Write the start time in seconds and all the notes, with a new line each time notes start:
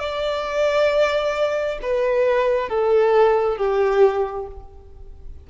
0.00 D5
1.82 B4
2.69 A4
3.58 G4